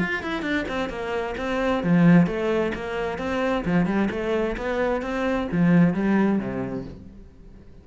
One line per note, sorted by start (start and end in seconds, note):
0.00 0.23 F4
0.23 0.42 E4
0.42 0.65 D4
0.69 0.90 C4
0.90 1.36 A#3
1.38 1.84 C4
1.84 2.27 F3
2.27 2.73 A3
2.75 3.19 A#3
3.19 3.65 C4
3.65 3.86 F3
3.86 4.09 G3
4.11 4.57 A3
4.58 5.02 B3
5.02 5.48 C4
5.52 5.94 F3
5.94 6.40 G3
6.40 6.85 C3